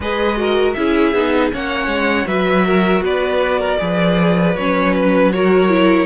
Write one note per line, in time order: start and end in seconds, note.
0.00 0.74 G#3
0.00 0.37 G#4
0.00 0.38 B4
0.00 0.73 D#5
0.37 0.75 F#4
0.37 0.77 A#4
0.73 1.13 C#4
0.73 1.14 E4
0.73 1.53 G#4
0.73 1.49 E5
1.13 1.51 B3
1.13 1.52 D#4
1.52 1.86 A#3
1.52 2.26 C#4
1.52 2.27 C#5
1.52 2.27 F#5
1.86 2.24 G#3
2.26 3.01 F#3
2.26 3.78 F#4
2.26 2.65 B4
2.26 3.03 E5
2.65 3.03 A#4
3.01 3.77 B3
3.01 3.58 B4
3.01 4.56 D5
3.58 3.77 A#4
3.78 4.56 F3
3.78 4.54 G#4
3.78 5.33 B4
4.56 6.06 F#3
4.56 5.33 C#4
4.56 4.94 C#5
4.95 5.32 B4
5.32 5.69 F#4
5.32 6.06 A#4
5.32 6.06 C#5
5.69 6.06 E4